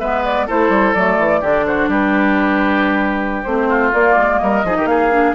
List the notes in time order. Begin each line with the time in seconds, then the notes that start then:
0.00 G#3 B3 B4 E5
0.24 D5
0.47 A3 E4 A4 C5
0.69 G3
0.94 F#3 A3 D5
1.18 E3
1.40 D3 D4 G4
1.66 F#4 C5
1.88 G3 G4 B4
3.43 A3 C4 C5
3.68 F4
3.92 A#3 D5
4.16 G#3
4.39 G3 A#4 D#5
4.64 F3 D#4 G#4
4.77 D#3 G4
4.85 A#3 G#4 F5
5.11 D4